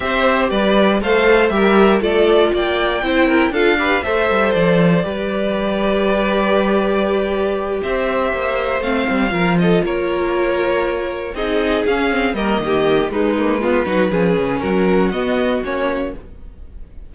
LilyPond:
<<
  \new Staff \with { instrumentName = "violin" } { \time 4/4 \tempo 4 = 119 e''4 d''4 f''4 e''4 | d''4 g''2 f''4 | e''4 d''2.~ | d''2.~ d''8 e''8~ |
e''4. f''4. dis''8 cis''8~ | cis''2~ cis''8 dis''4 f''8~ | f''8 dis''4. b'2~ | b'4 ais'4 dis''4 cis''4 | }
  \new Staff \with { instrumentName = "violin" } { \time 4/4 c''4 b'4 c''4 ais'4 | a'4 d''4 c''8 ais'8 a'8 b'8 | c''2 b'2~ | b'2.~ b'8 c''8~ |
c''2~ c''8 ais'8 a'8 ais'8~ | ais'2~ ais'8 gis'4.~ | gis'8 ais'8 g'4 dis'4 f'8 fis'8 | gis'4 fis'2. | }
  \new Staff \with { instrumentName = "viola" } { \time 4/4 g'2 a'4 g'4 | f'2 e'4 f'8 g'8 | a'2 g'2~ | g'1~ |
g'4. c'4 f'4.~ | f'2~ f'8 dis'4 cis'8 | c'8 ais4. gis8 ais8 b8 dis'8 | cis'2 b4 cis'4 | }
  \new Staff \with { instrumentName = "cello" } { \time 4/4 c'4 g4 a4 g4 | a4 ais4 c'4 d'4 | a8 g8 f4 g2~ | g2.~ g8 c'8~ |
c'8 ais4 a8 g8 f4 ais8~ | ais2~ ais8 c'4 cis'8~ | cis'8 g8 dis4 gis4. fis8 | f8 cis8 fis4 b4 ais4 | }
>>